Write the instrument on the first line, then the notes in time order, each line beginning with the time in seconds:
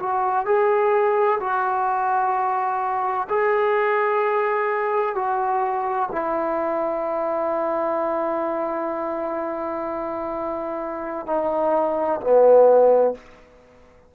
trombone
0.00 F#4
0.46 G#4
1.41 F#4
3.30 G#4
5.16 F#4
6.12 E4
11.27 D#4
12.21 B3